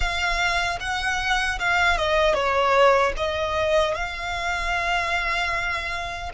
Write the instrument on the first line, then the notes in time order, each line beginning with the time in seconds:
violin
0.00 F5
0.80 F#5
1.59 F5
1.97 D#5
2.34 C#5
3.16 D#5
3.95 F5